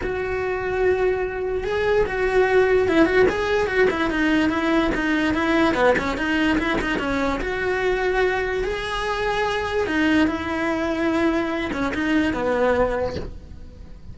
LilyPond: \new Staff \with { instrumentName = "cello" } { \time 4/4 \tempo 4 = 146 fis'1 | gis'4 fis'2 e'8 fis'8 | gis'4 fis'8 e'8 dis'4 e'4 | dis'4 e'4 b8 cis'8 dis'4 |
e'8 dis'8 cis'4 fis'2~ | fis'4 gis'2. | dis'4 e'2.~ | e'8 cis'8 dis'4 b2 | }